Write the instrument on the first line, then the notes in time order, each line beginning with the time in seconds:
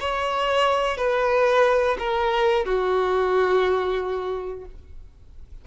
violin
0.00 C#5
0.98 B4
1.99 A#4
2.65 F#4